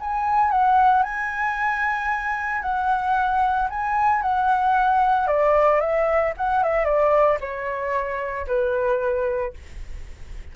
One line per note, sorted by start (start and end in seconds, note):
0.00 0.51 G#5
0.51 1.03 F#5
1.03 2.62 G#5
2.62 3.68 F#5
3.70 4.22 G#5
4.22 5.27 F#5
5.27 5.80 D5
5.80 6.34 E5
6.37 6.63 F#5
6.63 6.85 E5
6.85 7.38 D5
7.40 8.46 C#5
8.47 9.54 B4